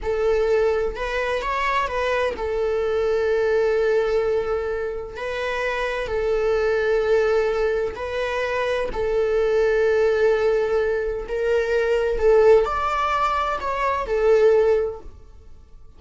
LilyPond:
\new Staff \with { instrumentName = "viola" } { \time 4/4 \tempo 4 = 128 a'2 b'4 cis''4 | b'4 a'2.~ | a'2. b'4~ | b'4 a'2.~ |
a'4 b'2 a'4~ | a'1 | ais'2 a'4 d''4~ | d''4 cis''4 a'2 | }